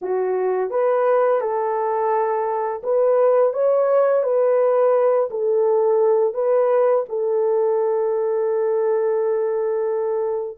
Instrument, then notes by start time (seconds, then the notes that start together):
horn
0.01 F#4
0.70 B4
1.40 A4
2.83 B4
3.53 C#5
4.23 B4
5.30 A4
6.34 B4
7.08 A4